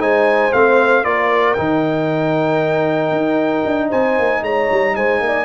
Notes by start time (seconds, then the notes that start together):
0.00 G#3 D#4 C5 G#5
0.53 A3 C4 F5
1.04 A#3 F4 A#4 D5
1.54 D#3 D#4 G5
3.12 D#4
3.66 D4
3.90 C4 C5 G#5
4.19 A#3
4.43 G#3 C#5 A#5
4.72 G3
4.96 G#3 C5 G#5
5.21 A#3 D5